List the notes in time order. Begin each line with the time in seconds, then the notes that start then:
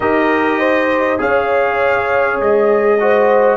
0.00 D#4 G4 A#4 D#5
0.59 C5
1.18 C#4 G#4 C#5 F5
2.40 G#3 D#5
3.00 F#4 C5